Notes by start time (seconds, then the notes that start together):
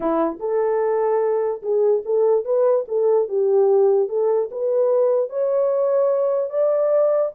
0.00 E4
0.39 A4
1.62 G#4
2.05 A4
2.44 B4
2.87 A4
3.28 G4
4.08 A4
4.51 B4
5.29 C#5
6.50 D5